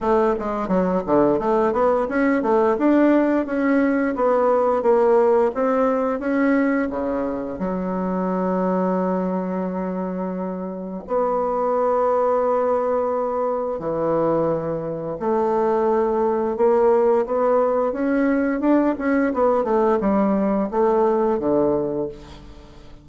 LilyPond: \new Staff \with { instrumentName = "bassoon" } { \time 4/4 \tempo 4 = 87 a8 gis8 fis8 d8 a8 b8 cis'8 a8 | d'4 cis'4 b4 ais4 | c'4 cis'4 cis4 fis4~ | fis1 |
b1 | e2 a2 | ais4 b4 cis'4 d'8 cis'8 | b8 a8 g4 a4 d4 | }